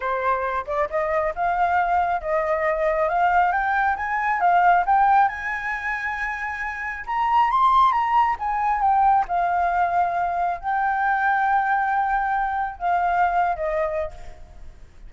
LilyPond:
\new Staff \with { instrumentName = "flute" } { \time 4/4 \tempo 4 = 136 c''4. d''8 dis''4 f''4~ | f''4 dis''2 f''4 | g''4 gis''4 f''4 g''4 | gis''1 |
ais''4 c'''4 ais''4 gis''4 | g''4 f''2. | g''1~ | g''4 f''4.~ f''16 dis''4~ dis''16 | }